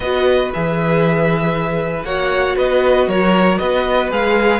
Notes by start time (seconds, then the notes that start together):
0.00 B3 F#4 B4 D#5
0.53 E3 G#4 E5
2.03 A#3 F#4 C#5 F#5
2.56 B3 B4 D#5
3.07 F#3 A#4 C#5
3.57 B3 B4 D#5
4.10 G#3 G#4 F5